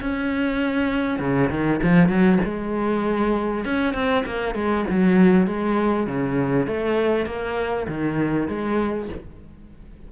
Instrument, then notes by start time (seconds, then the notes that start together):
cello
0.00 C#4
1.19 C#3
1.50 D#3
1.82 F3
2.08 F#3
2.44 G#3
3.64 C#4
3.94 C4
4.25 A#3
4.55 G#3
4.90 F#3
5.46 G#3
6.06 C#3
6.66 A3
7.26 A#3
7.88 D#3
8.48 G#3